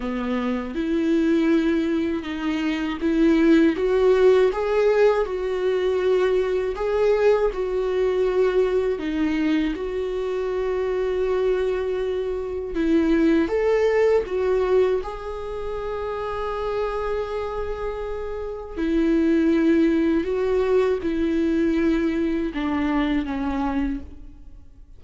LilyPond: \new Staff \with { instrumentName = "viola" } { \time 4/4 \tempo 4 = 80 b4 e'2 dis'4 | e'4 fis'4 gis'4 fis'4~ | fis'4 gis'4 fis'2 | dis'4 fis'2.~ |
fis'4 e'4 a'4 fis'4 | gis'1~ | gis'4 e'2 fis'4 | e'2 d'4 cis'4 | }